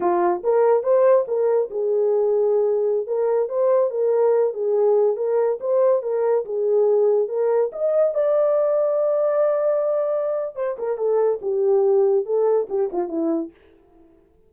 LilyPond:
\new Staff \with { instrumentName = "horn" } { \time 4/4 \tempo 4 = 142 f'4 ais'4 c''4 ais'4 | gis'2.~ gis'16 ais'8.~ | ais'16 c''4 ais'4. gis'4~ gis'16~ | gis'16 ais'4 c''4 ais'4 gis'8.~ |
gis'4~ gis'16 ais'4 dis''4 d''8.~ | d''1~ | d''4 c''8 ais'8 a'4 g'4~ | g'4 a'4 g'8 f'8 e'4 | }